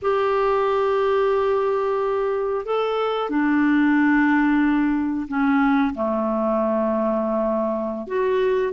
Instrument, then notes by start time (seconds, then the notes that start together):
clarinet
0.02 G4
2.65 A4
3.29 D4
5.27 C#4
5.94 A3
8.07 F#4